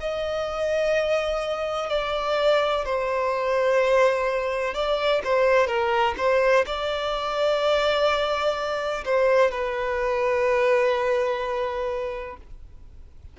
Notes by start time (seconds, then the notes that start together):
0.00 D#5
1.90 D5
2.85 C5
4.74 D5
5.24 C5
5.67 A#4
6.18 C5
6.66 D5
9.05 C5
9.52 B4